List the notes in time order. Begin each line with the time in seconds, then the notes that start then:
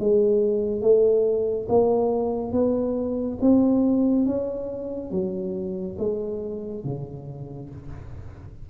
0.00 G#3
0.82 A3
1.69 A#3
2.53 B3
3.41 C4
4.26 C#4
5.12 F#3
5.99 G#3
6.85 C#3